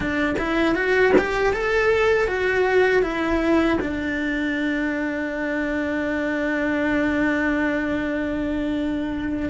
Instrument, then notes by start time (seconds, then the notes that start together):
cello
0.00 D4
0.38 E4
0.74 F#4
1.17 G4
1.53 A4
2.27 F#4
3.02 E4
3.80 D4